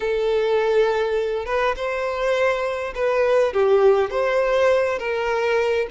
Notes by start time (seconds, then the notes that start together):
0.00 A4
1.45 B4
1.76 C5
2.94 B4
3.53 G4
4.10 C5
4.98 A#4